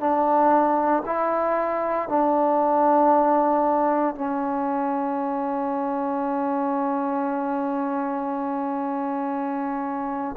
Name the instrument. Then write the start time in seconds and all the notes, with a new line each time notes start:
trombone
0.00 D4
1.06 E4
2.09 D4
4.15 C#4